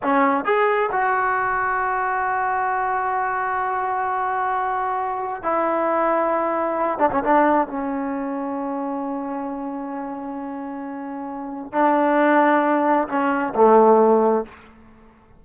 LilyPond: \new Staff \with { instrumentName = "trombone" } { \time 4/4 \tempo 4 = 133 cis'4 gis'4 fis'2~ | fis'1~ | fis'1 | e'2.~ e'8 d'16 cis'16 |
d'4 cis'2.~ | cis'1~ | cis'2 d'2~ | d'4 cis'4 a2 | }